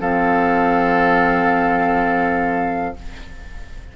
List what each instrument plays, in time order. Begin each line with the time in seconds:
0.00 bassoon F3, clarinet C4, oboe A4, flute F5